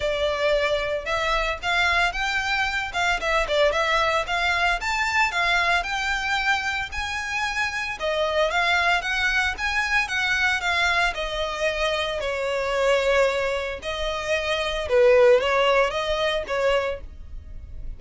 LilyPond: \new Staff \with { instrumentName = "violin" } { \time 4/4 \tempo 4 = 113 d''2 e''4 f''4 | g''4. f''8 e''8 d''8 e''4 | f''4 a''4 f''4 g''4~ | g''4 gis''2 dis''4 |
f''4 fis''4 gis''4 fis''4 | f''4 dis''2 cis''4~ | cis''2 dis''2 | b'4 cis''4 dis''4 cis''4 | }